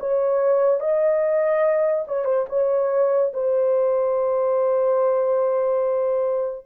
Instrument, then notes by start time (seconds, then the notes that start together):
horn
0.00 C#5
0.80 D#5
2.08 C#5
2.25 C5
2.49 C#5
3.34 C5